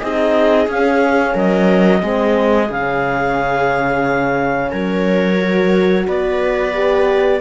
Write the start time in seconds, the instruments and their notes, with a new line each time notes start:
0.00 cello C4, horn D#4, viola G#4, clarinet D#5
0.67 cello C#4, horn C#4, clarinet F5
1.33 cello F#3, viola A#4, clarinet D#5
2.00 cello G#3, horn C4, viola G#4
2.70 cello C#3, horn C#4, clarinet F5
4.70 cello F#3, viola A#4, clarinet C#5
5.40 horn F#4
6.07 cello B3, viola B4, clarinet D5
6.74 horn G4